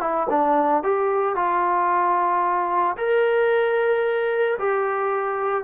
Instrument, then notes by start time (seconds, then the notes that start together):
trombone
0.00 E4
0.29 D4
0.83 G4
1.35 F4
2.97 A#4
4.59 G4